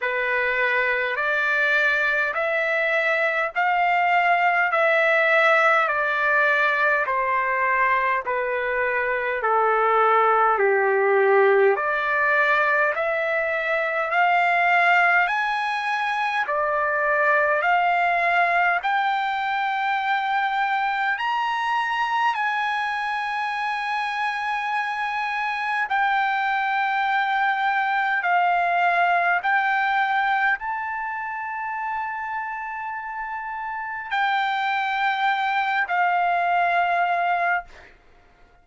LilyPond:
\new Staff \with { instrumentName = "trumpet" } { \time 4/4 \tempo 4 = 51 b'4 d''4 e''4 f''4 | e''4 d''4 c''4 b'4 | a'4 g'4 d''4 e''4 | f''4 gis''4 d''4 f''4 |
g''2 ais''4 gis''4~ | gis''2 g''2 | f''4 g''4 a''2~ | a''4 g''4. f''4. | }